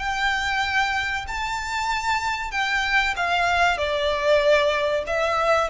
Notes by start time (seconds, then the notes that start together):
0.00 G5
1.28 A5
2.52 G5
3.17 F5
3.78 D5
5.07 E5